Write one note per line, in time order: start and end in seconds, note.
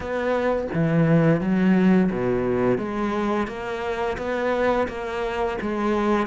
0.00 0.68 B3
0.73 1.40 E3
1.40 2.10 F#3
2.11 2.77 B2
2.77 3.47 G#3
3.47 4.17 A#3
4.17 4.87 B3
4.87 5.57 A#3
5.61 6.26 G#3